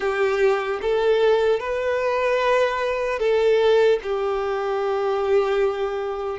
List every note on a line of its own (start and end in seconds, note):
0.00 0.80 G4
0.81 1.59 A4
1.59 3.19 B4
3.19 3.99 A4
4.02 6.39 G4